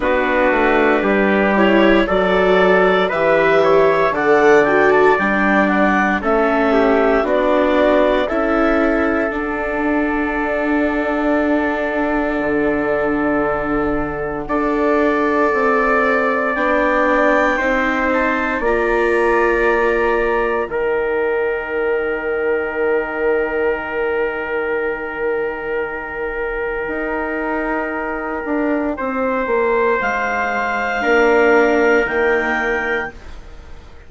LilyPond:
<<
  \new Staff \with { instrumentName = "clarinet" } { \time 4/4 \tempo 4 = 58 b'4. cis''8 d''4 e''4 | fis''8 g''16 a''16 g''8 fis''8 e''4 d''4 | e''4 fis''2.~ | fis''1 |
g''4. a''8 ais''2 | g''1~ | g''1~ | g''4 f''2 g''4 | }
  \new Staff \with { instrumentName = "trumpet" } { \time 4/4 fis'4 g'4 a'4 b'8 cis''8 | d''2 a'8 g'8 fis'4 | a'1~ | a'2 d''2~ |
d''4 c''4 d''2 | ais'1~ | ais'1 | c''2 ais'2 | }
  \new Staff \with { instrumentName = "viola" } { \time 4/4 d'4. e'8 fis'4 g'4 | a'8 fis'8 d'4 cis'4 d'4 | e'4 d'2.~ | d'2 a'2 |
d'4 dis'4 f'2 | dis'1~ | dis'1~ | dis'2 d'4 ais4 | }
  \new Staff \with { instrumentName = "bassoon" } { \time 4/4 b8 a8 g4 fis4 e4 | d4 g4 a4 b4 | cis'4 d'2. | d2 d'4 c'4 |
b4 c'4 ais2 | dis1~ | dis2 dis'4. d'8 | c'8 ais8 gis4 ais4 dis4 | }
>>